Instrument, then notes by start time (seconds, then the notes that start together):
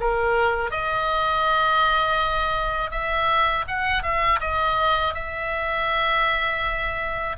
oboe
0.00 A#4
0.71 D#5
2.91 E5
3.68 F#5
4.03 E5
4.40 D#5
5.14 E5